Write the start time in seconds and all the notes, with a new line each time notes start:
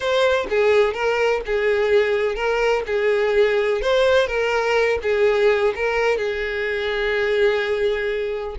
0.00 C5
0.49 G#4
0.93 A#4
1.46 G#4
2.35 A#4
2.86 G#4
3.81 C5
4.27 A#4
5.02 G#4
5.75 A#4
6.17 G#4